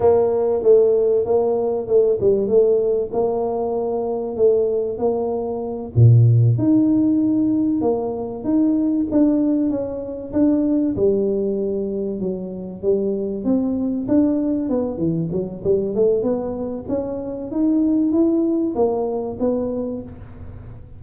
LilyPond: \new Staff \with { instrumentName = "tuba" } { \time 4/4 \tempo 4 = 96 ais4 a4 ais4 a8 g8 | a4 ais2 a4 | ais4. ais,4 dis'4.~ | dis'8 ais4 dis'4 d'4 cis'8~ |
cis'8 d'4 g2 fis8~ | fis8 g4 c'4 d'4 b8 | e8 fis8 g8 a8 b4 cis'4 | dis'4 e'4 ais4 b4 | }